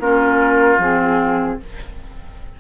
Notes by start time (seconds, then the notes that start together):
0.00 A#3 C#4 F4 A#4
0.78 F3 C4 G#4